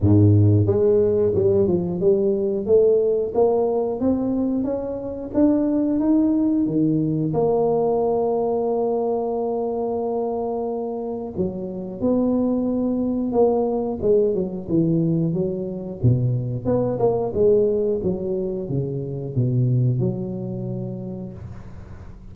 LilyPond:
\new Staff \with { instrumentName = "tuba" } { \time 4/4 \tempo 4 = 90 gis,4 gis4 g8 f8 g4 | a4 ais4 c'4 cis'4 | d'4 dis'4 dis4 ais4~ | ais1~ |
ais4 fis4 b2 | ais4 gis8 fis8 e4 fis4 | b,4 b8 ais8 gis4 fis4 | cis4 b,4 fis2 | }